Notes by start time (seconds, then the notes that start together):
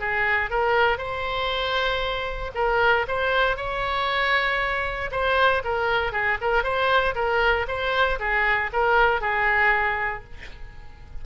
0.00 G#4
0.50 A#4
0.98 C5
2.55 A#4
3.08 C5
3.57 C#5
5.11 C5
5.64 A#4
6.12 G#4
6.41 A#4
6.63 C5
7.15 A#4
7.68 C5
8.19 G#4
8.73 A#4
9.21 G#4